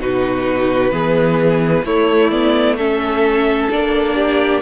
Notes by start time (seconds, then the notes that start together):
0.00 B2 D#4 F#4 B4
0.91 E3 B3 G#4
1.83 A3 E4 C#5
2.29 B3 D5
2.77 C#4 A4 E5
3.69 A#3 D4 D5
4.15 G4